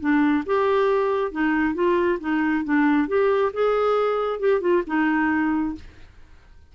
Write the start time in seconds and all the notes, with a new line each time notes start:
0.00 D4
0.46 G4
1.32 D#4
1.74 F4
2.20 D#4
2.64 D4
3.08 G4
3.53 G#4
4.40 G4
4.61 F4
4.87 D#4